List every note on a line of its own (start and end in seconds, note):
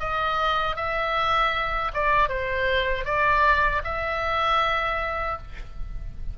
0.00 0.77 D#5
0.77 1.92 E5
1.94 2.29 D5
2.29 3.06 C5
3.06 3.83 D5
3.85 5.38 E5